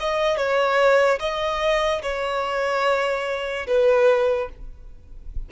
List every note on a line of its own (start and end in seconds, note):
0.00 0.37 D#5
0.37 1.19 C#5
1.20 2.02 D#5
2.02 3.67 C#5
3.67 4.49 B4